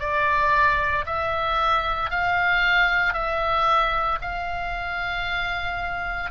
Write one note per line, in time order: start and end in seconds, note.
0.00 1.05 D5
1.06 2.11 E5
2.11 3.14 F5
3.14 4.19 E5
4.22 6.32 F5